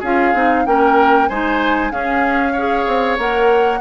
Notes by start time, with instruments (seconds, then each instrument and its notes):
0.00 bassoon C#4, clarinet F4, oboe G#4, flute F5
0.34 bassoon C4, clarinet D#4
0.65 bassoon A#3, clarinet C#4, oboe A#4, flute G5
1.29 bassoon G#3, clarinet D#4, oboe C5, flute G#5
1.91 bassoon C#4, clarinet C#4, oboe G#4, flute F5
2.53 clarinet G#4, oboe C#5
2.87 bassoon C4
3.18 bassoon A#3, clarinet A#4, flute F#5